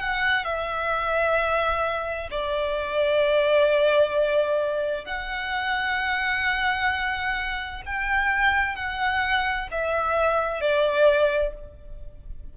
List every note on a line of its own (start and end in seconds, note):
0.00 0.44 F#5
0.44 2.29 E5
2.31 5.05 D5
5.05 7.82 F#5
7.86 8.76 G5
8.76 9.68 F#5
9.71 10.61 E5
10.61 11.53 D5